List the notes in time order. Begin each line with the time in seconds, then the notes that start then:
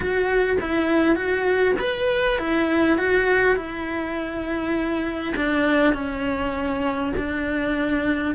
0.00 F#4
0.60 E4
1.15 F#4
1.79 B4
2.38 E4
2.98 F#4
3.55 E4
5.35 D4
5.93 C#4
7.17 D4